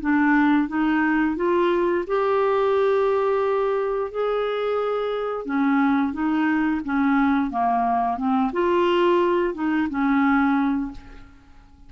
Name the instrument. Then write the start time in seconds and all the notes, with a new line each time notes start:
clarinet
0.00 D4
0.68 D#4
1.36 F4
2.07 G4
4.11 G#4
5.45 C#4
6.13 D#4
6.84 C#4
7.50 A#3
8.17 C4
8.52 F4
9.54 D#4
9.89 C#4